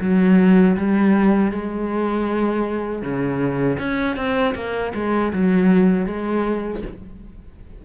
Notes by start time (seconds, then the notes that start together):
0.00 F#3
0.77 G3
1.52 G#3
3.02 C#3
3.78 C#4
4.16 C4
4.55 A#3
4.94 G#3
5.32 F#3
6.06 G#3